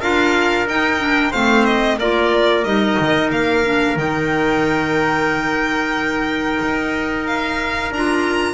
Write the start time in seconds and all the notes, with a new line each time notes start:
0.00 D4 F4 A#4 F5
0.67 D#4 G5
0.99 D4
1.31 A3 C4 C5 F5
1.65 D#5
1.99 A#3 F4 A#4 D5
2.64 G3 D#4 D#5
2.99 D#3
3.31 A#3 F5
3.64 D4
3.96 D#3 D#4 G5
6.62 D#4
7.27 F5
7.91 D4 F4 A#5